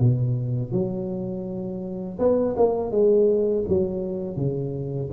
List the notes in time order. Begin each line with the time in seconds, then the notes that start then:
0.00 B2
0.72 F#3
2.19 B3
2.57 A#3
2.91 G#3
3.69 F#3
4.37 C#3